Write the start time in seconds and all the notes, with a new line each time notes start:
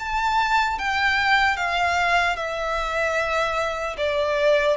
0.00 A5
0.79 G5
1.57 F5
2.37 E5
3.98 D5